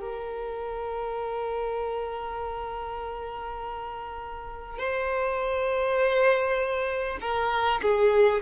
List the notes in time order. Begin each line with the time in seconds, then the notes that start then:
0.00 A#4
4.78 C5
7.21 A#4
7.82 G#4